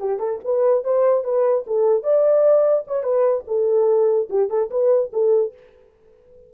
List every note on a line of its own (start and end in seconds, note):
0.00 0.20 G4
0.20 0.40 A4
0.45 0.84 B4
0.84 1.24 C5
1.24 1.65 B4
1.67 2.03 A4
2.03 2.85 D5
2.87 3.04 C#5
3.04 3.44 B4
3.47 4.29 A4
4.30 4.50 G4
4.50 4.70 A4
4.71 5.12 B4
5.13 5.54 A4